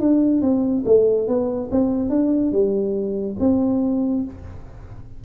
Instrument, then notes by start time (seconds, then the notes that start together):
tuba
0.00 D4
0.42 C4
0.85 A3
1.28 B3
1.71 C4
2.10 D4
2.52 G3
3.40 C4